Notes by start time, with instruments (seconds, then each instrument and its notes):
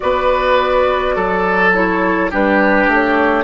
0.00 bassoon B3, clarinet F#4, oboe B4, flute D5
1.15 bassoon F#3, oboe A4
1.74 clarinet E4, flute C#5
2.31 bassoon G3, clarinet D4, oboe G4, flute B4
2.87 bassoon A3
2.93 flute C#5